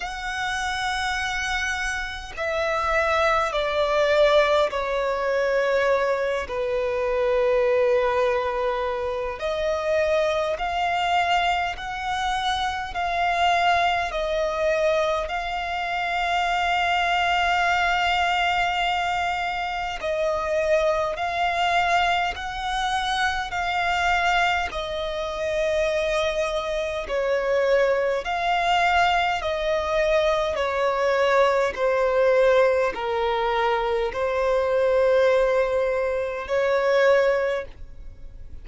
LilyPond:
\new Staff \with { instrumentName = "violin" } { \time 4/4 \tempo 4 = 51 fis''2 e''4 d''4 | cis''4. b'2~ b'8 | dis''4 f''4 fis''4 f''4 | dis''4 f''2.~ |
f''4 dis''4 f''4 fis''4 | f''4 dis''2 cis''4 | f''4 dis''4 cis''4 c''4 | ais'4 c''2 cis''4 | }